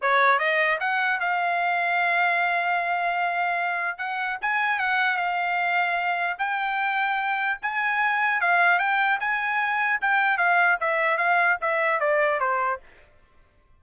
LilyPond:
\new Staff \with { instrumentName = "trumpet" } { \time 4/4 \tempo 4 = 150 cis''4 dis''4 fis''4 f''4~ | f''1~ | f''2 fis''4 gis''4 | fis''4 f''2. |
g''2. gis''4~ | gis''4 f''4 g''4 gis''4~ | gis''4 g''4 f''4 e''4 | f''4 e''4 d''4 c''4 | }